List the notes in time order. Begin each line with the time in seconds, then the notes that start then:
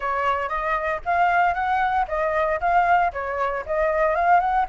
0.00 C#5
0.48 D#5
1.05 F5
1.54 F#5
2.08 D#5
2.60 F5
3.12 C#5
3.66 D#5
4.15 F5
4.39 F#5